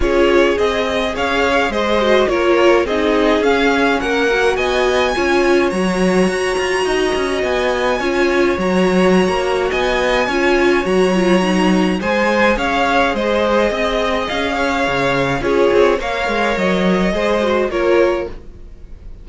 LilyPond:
<<
  \new Staff \with { instrumentName = "violin" } { \time 4/4 \tempo 4 = 105 cis''4 dis''4 f''4 dis''4 | cis''4 dis''4 f''4 fis''4 | gis''2 ais''2~ | ais''4 gis''2 ais''4~ |
ais''4 gis''2 ais''4~ | ais''4 gis''4 f''4 dis''4~ | dis''4 f''2 cis''4 | f''4 dis''2 cis''4 | }
  \new Staff \with { instrumentName = "violin" } { \time 4/4 gis'2 cis''4 c''4 | ais'4 gis'2 ais'4 | dis''4 cis''2. | dis''2 cis''2~ |
cis''4 dis''4 cis''2~ | cis''4 c''4 cis''4 c''4 | dis''4. cis''4. gis'4 | cis''2 c''4 ais'4 | }
  \new Staff \with { instrumentName = "viola" } { \time 4/4 f'4 gis'2~ gis'8 fis'8 | f'4 dis'4 cis'4. fis'8~ | fis'4 f'4 fis'2~ | fis'2 f'4 fis'4~ |
fis'2 f'4 fis'8 f'8 | dis'4 gis'2.~ | gis'2. f'4 | ais'2 gis'8 fis'8 f'4 | }
  \new Staff \with { instrumentName = "cello" } { \time 4/4 cis'4 c'4 cis'4 gis4 | ais4 c'4 cis'4 ais4 | b4 cis'4 fis4 fis'8 f'8 | dis'8 cis'8 b4 cis'4 fis4~ |
fis16 ais8. b4 cis'4 fis4~ | fis4 gis4 cis'4 gis4 | c'4 cis'4 cis4 cis'8 c'8 | ais8 gis8 fis4 gis4 ais4 | }
>>